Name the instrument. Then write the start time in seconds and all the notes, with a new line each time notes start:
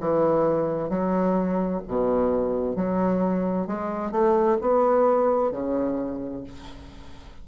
bassoon
0.00 E3
0.89 F#3
1.88 B2
2.75 F#3
3.67 G#3
4.11 A3
4.60 B3
5.51 C#3